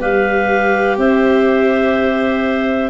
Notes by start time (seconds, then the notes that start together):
0.00 G3 G4 B4 F5
0.98 C4 C5 E5